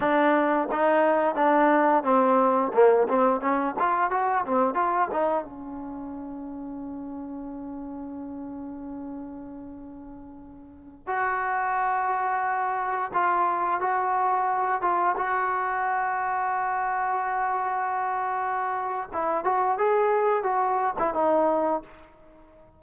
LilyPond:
\new Staff \with { instrumentName = "trombone" } { \time 4/4 \tempo 4 = 88 d'4 dis'4 d'4 c'4 | ais8 c'8 cis'8 f'8 fis'8 c'8 f'8 dis'8 | cis'1~ | cis'1~ |
cis'16 fis'2. f'8.~ | f'16 fis'4. f'8 fis'4.~ fis'16~ | fis'1 | e'8 fis'8 gis'4 fis'8. e'16 dis'4 | }